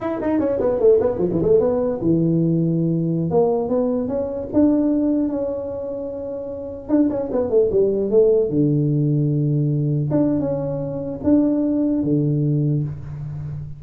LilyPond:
\new Staff \with { instrumentName = "tuba" } { \time 4/4 \tempo 4 = 150 e'8 dis'8 cis'8 b8 a8 b8 f16 e16 a8 | b4 e2.~ | e16 ais4 b4 cis'4 d'8.~ | d'4~ d'16 cis'2~ cis'8.~ |
cis'4~ cis'16 d'8 cis'8 b8 a8 g8.~ | g16 a4 d2~ d8.~ | d4~ d16 d'8. cis'2 | d'2 d2 | }